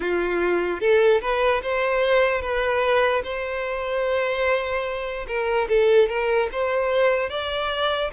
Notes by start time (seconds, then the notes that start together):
0.00 F4
0.80 A4
1.21 B4
1.62 C5
2.41 B4
3.23 C5
5.27 A#4
5.68 A4
6.08 A#4
6.52 C5
7.29 D5